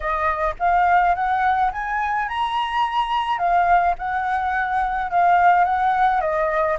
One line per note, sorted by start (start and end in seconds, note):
0.00 0.55 D#5
0.59 1.14 F5
1.14 1.71 F#5
1.72 2.28 G#5
2.28 3.38 A#5
3.38 3.94 F5
3.98 5.10 F#5
5.10 5.64 F5
5.64 6.20 F#5
6.20 6.77 D#5